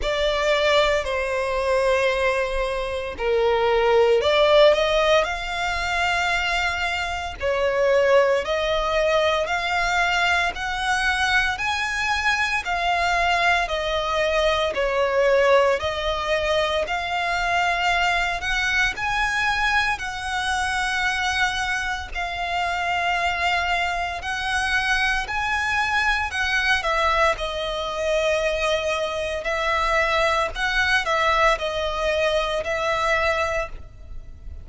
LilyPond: \new Staff \with { instrumentName = "violin" } { \time 4/4 \tempo 4 = 57 d''4 c''2 ais'4 | d''8 dis''8 f''2 cis''4 | dis''4 f''4 fis''4 gis''4 | f''4 dis''4 cis''4 dis''4 |
f''4. fis''8 gis''4 fis''4~ | fis''4 f''2 fis''4 | gis''4 fis''8 e''8 dis''2 | e''4 fis''8 e''8 dis''4 e''4 | }